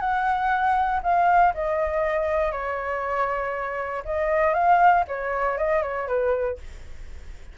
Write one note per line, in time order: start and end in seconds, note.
0.00 1.01 F#5
1.03 1.54 F5
1.54 2.52 D#5
2.52 4.03 C#5
4.05 4.54 D#5
4.54 5.04 F5
5.08 5.58 C#5
5.58 5.82 D#5
5.82 6.07 C#5
6.08 6.58 B4